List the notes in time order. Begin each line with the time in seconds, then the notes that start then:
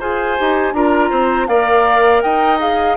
0.00 F4 G#4 C5 G#5
0.38 D#4 G4
0.74 D4 F4 A#4 A#5
1.10 C4 C5
1.48 A#3 A#4 D5 F5
2.22 D#4 D#5 G5
2.60 G#4 F5